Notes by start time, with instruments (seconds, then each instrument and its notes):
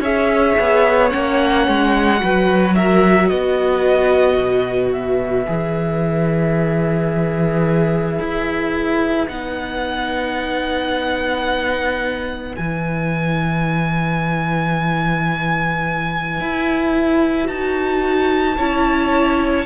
0.00 cello C#4, viola G#4, violin C#5 E5
0.59 cello B3
1.10 cello A#3, viola C#4, violin F#5
1.67 cello G#3
2.17 viola F#4, violin B4
2.23 cello F#3
2.75 violin A#4 E5
3.29 cello B3, violin B4 D#5
4.38 cello B2
4.92 violin E5
5.47 cello E3, viola G#4
8.19 cello E4
9.28 cello B3, viola D#4, violin F#5
12.56 cello E3, viola E4, violin G#5
16.40 cello E4
17.45 cello D#4, viola F#4, violin A5
18.57 cello C#4, viola E4, violin C#5